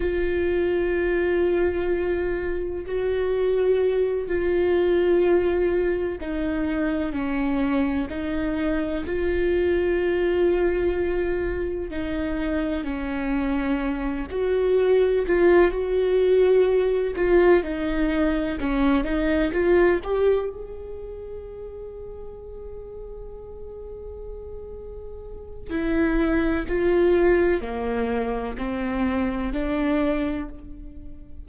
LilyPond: \new Staff \with { instrumentName = "viola" } { \time 4/4 \tempo 4 = 63 f'2. fis'4~ | fis'8 f'2 dis'4 cis'8~ | cis'8 dis'4 f'2~ f'8~ | f'8 dis'4 cis'4. fis'4 |
f'8 fis'4. f'8 dis'4 cis'8 | dis'8 f'8 g'8 gis'2~ gis'8~ | gis'2. e'4 | f'4 ais4 c'4 d'4 | }